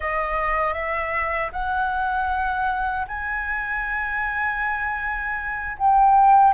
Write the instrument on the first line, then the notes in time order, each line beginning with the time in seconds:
flute
0.00 D#5
0.73 E5
1.52 F#5
3.07 G#5
5.78 G5